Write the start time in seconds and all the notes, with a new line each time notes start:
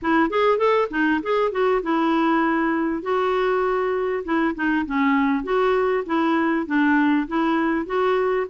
0.02 E4
0.30 G#4
0.58 A4
0.90 D#4
1.23 G#4
1.51 F#4
1.83 E4
3.02 F#4
4.24 E4
4.55 D#4
4.86 C#4
5.43 F#4
6.06 E4
6.66 D4
7.27 E4
7.86 F#4